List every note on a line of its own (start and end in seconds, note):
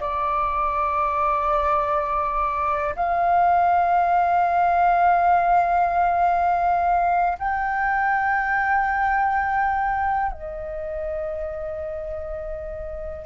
0.00 2.95 D5
2.95 7.38 F5
7.38 10.31 G5
10.31 13.26 D#5